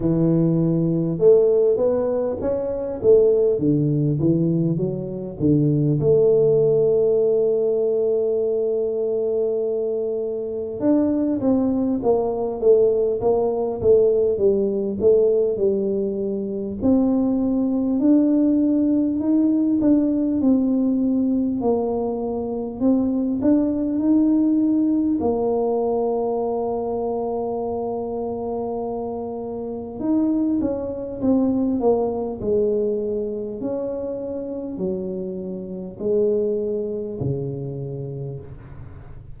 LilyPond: \new Staff \with { instrumentName = "tuba" } { \time 4/4 \tempo 4 = 50 e4 a8 b8 cis'8 a8 d8 e8 | fis8 d8 a2.~ | a4 d'8 c'8 ais8 a8 ais8 a8 | g8 a8 g4 c'4 d'4 |
dis'8 d'8 c'4 ais4 c'8 d'8 | dis'4 ais2.~ | ais4 dis'8 cis'8 c'8 ais8 gis4 | cis'4 fis4 gis4 cis4 | }